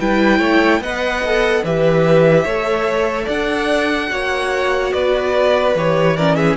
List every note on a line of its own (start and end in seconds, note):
0.00 0.39 G3
0.00 0.82 E4
0.00 0.39 B4
0.00 0.83 G5
0.39 0.80 A3
0.39 0.80 C#5
0.80 1.62 B3
0.80 1.24 B4
0.80 1.64 D#5
0.80 1.65 F#5
1.26 1.65 A4
1.64 2.45 E3
1.64 2.47 G4
1.64 2.44 B4
1.64 3.29 E5
2.44 3.27 A3
2.44 4.09 A4
2.44 3.25 C#5
3.25 4.11 D4
3.25 4.07 D5
3.25 4.93 F#5
4.09 4.93 A#3
4.09 5.74 F#4
4.09 4.93 C#5
4.93 5.75 B3
4.93 6.16 B4
4.93 5.75 D5
5.75 6.57 E3
5.75 6.17 G4
5.75 6.17 C#5
6.16 6.57 C#4
6.16 6.36 A#4
6.16 6.36 D5
6.36 6.57 G#4
6.36 6.56 E5